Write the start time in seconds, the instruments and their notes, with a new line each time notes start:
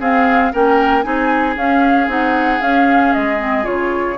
0.00 bassoon C4, clarinet C4, oboe G#4, flute F5
0.53 bassoon A#3, clarinet C#4, oboe A#4, flute G5
1.02 bassoon C4, clarinet D#4, oboe G#4, flute G#5
1.57 bassoon C#4, clarinet C#4, flute F5
2.08 bassoon C4, clarinet D#4, flute F#5
2.62 bassoon C#4, clarinet C#4, flute F5
3.13 bassoon G#3, flute D#5
3.39 clarinet C4
3.64 bassoon C#3, clarinet F4, flute C#5